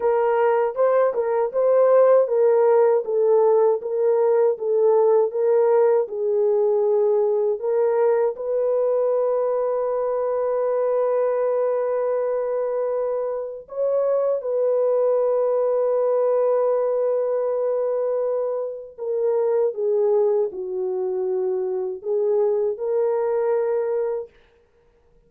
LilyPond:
\new Staff \with { instrumentName = "horn" } { \time 4/4 \tempo 4 = 79 ais'4 c''8 ais'8 c''4 ais'4 | a'4 ais'4 a'4 ais'4 | gis'2 ais'4 b'4~ | b'1~ |
b'2 cis''4 b'4~ | b'1~ | b'4 ais'4 gis'4 fis'4~ | fis'4 gis'4 ais'2 | }